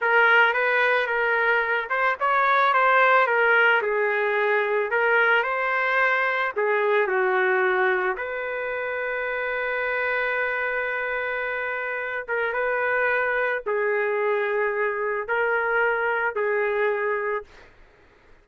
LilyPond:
\new Staff \with { instrumentName = "trumpet" } { \time 4/4 \tempo 4 = 110 ais'4 b'4 ais'4. c''8 | cis''4 c''4 ais'4 gis'4~ | gis'4 ais'4 c''2 | gis'4 fis'2 b'4~ |
b'1~ | b'2~ b'8 ais'8 b'4~ | b'4 gis'2. | ais'2 gis'2 | }